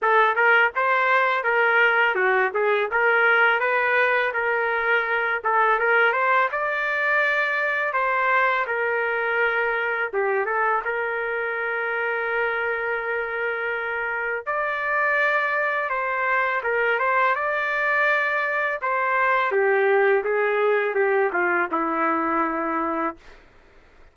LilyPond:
\new Staff \with { instrumentName = "trumpet" } { \time 4/4 \tempo 4 = 83 a'8 ais'8 c''4 ais'4 fis'8 gis'8 | ais'4 b'4 ais'4. a'8 | ais'8 c''8 d''2 c''4 | ais'2 g'8 a'8 ais'4~ |
ais'1 | d''2 c''4 ais'8 c''8 | d''2 c''4 g'4 | gis'4 g'8 f'8 e'2 | }